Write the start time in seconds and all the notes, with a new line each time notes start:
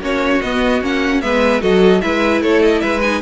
0.00 A#3 C#4 F#4 C#5
0.42 B3 D#5
0.82 A#3 C#4 F#5
1.21 G#3 B3 B4 E5
1.61 F#3 F#4 A4 D#5
2.02 G#3 E4 B4 E5
2.42 A3 A4 C#5
2.63 D#5
2.81 G#3 B4 E5
3.02 D#4 G#5